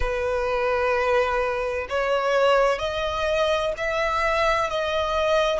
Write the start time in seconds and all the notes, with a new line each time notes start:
0.00 B4
1.89 C#5
2.79 D#5
3.77 E5
4.70 D#5